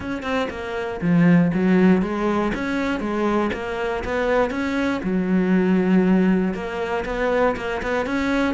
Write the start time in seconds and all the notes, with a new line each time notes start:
0.00 C#4
0.22 C4
0.50 A#3
1.01 F3
1.53 F#3
2.01 G#3
2.54 C#4
3.00 G#3
3.53 A#3
4.04 B3
4.50 C#4
5.03 F#3
6.54 A#3
7.05 B3
7.56 A#3
7.82 B3
8.05 C#4